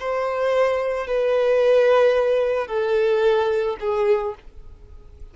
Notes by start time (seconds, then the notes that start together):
0.00 C5
1.07 B4
2.68 A4
3.80 G#4